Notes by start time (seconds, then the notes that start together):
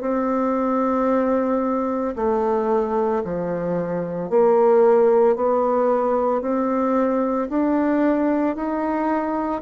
0.00 C4
2.16 A3
3.24 F3
4.30 A#3
5.35 B3
6.41 C4
7.49 D4
8.55 D#4